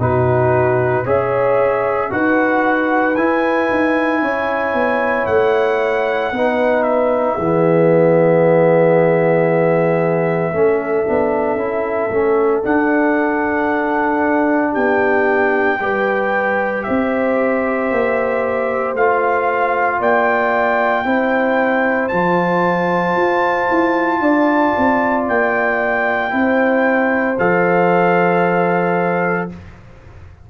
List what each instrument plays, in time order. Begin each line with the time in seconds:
0.00 tuba B2, trombone D#4, horn F#4, trumpet B4
1.04 tuba C#4, trombone G#4, horn C#5, trumpet E5
2.10 tuba D#4, trombone F#4, horn B4, trumpet F#5
3.16 tuba E4, trombone E4, trumpet G#5
3.70 tuba D#4
4.21 tuba C#4, horn C#5
4.74 tuba B3
5.26 tuba A3, trumpet F#5
6.32 tuba B3, trombone D#4, horn B4
6.82 trumpet E5
7.36 tuba E3, trombone B3, horn G#4
10.52 tuba A3, trombone C#4, horn A4
11.06 tuba B3, trombone D4
11.55 tuba C#4, trombone E4
12.10 tuba A3, trombone C#4
12.63 trombone D4, tuba D4, trumpet F#5
14.71 tuba B3, horn G4, trumpet G5
15.80 tuba G3, trombone G4, horn B4
16.83 tuba C4, horn C5, trumpet E5
17.91 tuba A#3
18.94 tuba A3, trombone F4, trumpet F5
19.99 tuba A#3, horn D5, trumpet G5
21.04 tuba C4, trombone E4, horn C5
22.08 tuba F3, trombone F4, trumpet A5
23.16 tuba F4
23.70 tuba E4
24.20 tuba D4, horn D5
24.77 tuba C4
25.28 tuba A#3, trumpet G5
26.30 tuba C4, trombone E4, horn C5
27.38 tuba F3, trombone A4, trumpet F5